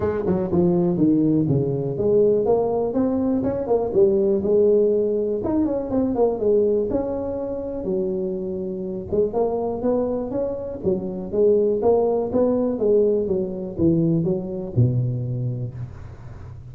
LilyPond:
\new Staff \with { instrumentName = "tuba" } { \time 4/4 \tempo 4 = 122 gis8 fis8 f4 dis4 cis4 | gis4 ais4 c'4 cis'8 ais8 | g4 gis2 dis'8 cis'8 | c'8 ais8 gis4 cis'2 |
fis2~ fis8 gis8 ais4 | b4 cis'4 fis4 gis4 | ais4 b4 gis4 fis4 | e4 fis4 b,2 | }